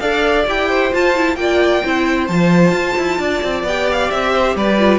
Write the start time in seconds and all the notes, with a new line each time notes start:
0.00 D4 A4 D5 F5
0.47 E4 G4 G5
0.69 C5
0.92 F4 A5
1.15 E4
1.36 A#3 F4 D5 G5
1.84 C4 E4 C5
2.27 F3 F4 A5
2.72 F4
2.98 E4
3.19 D4 D5
3.43 C4
3.64 B3 G4 G5
3.92 F5
4.11 C4 E5
4.32 C5
4.56 G3 B4 D5
4.79 F4